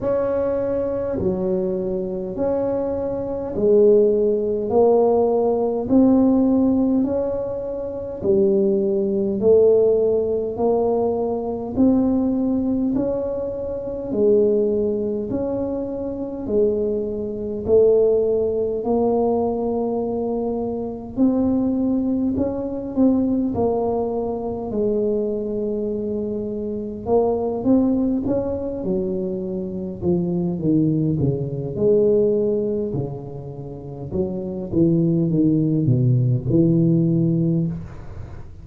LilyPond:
\new Staff \with { instrumentName = "tuba" } { \time 4/4 \tempo 4 = 51 cis'4 fis4 cis'4 gis4 | ais4 c'4 cis'4 g4 | a4 ais4 c'4 cis'4 | gis4 cis'4 gis4 a4 |
ais2 c'4 cis'8 c'8 | ais4 gis2 ais8 c'8 | cis'8 fis4 f8 dis8 cis8 gis4 | cis4 fis8 e8 dis8 b,8 e4 | }